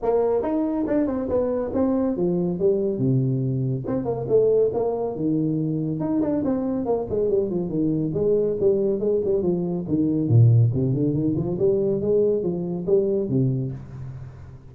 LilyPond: \new Staff \with { instrumentName = "tuba" } { \time 4/4 \tempo 4 = 140 ais4 dis'4 d'8 c'8 b4 | c'4 f4 g4 c4~ | c4 c'8 ais8 a4 ais4 | dis2 dis'8 d'8 c'4 |
ais8 gis8 g8 f8 dis4 gis4 | g4 gis8 g8 f4 dis4 | ais,4 c8 d8 dis8 f8 g4 | gis4 f4 g4 c4 | }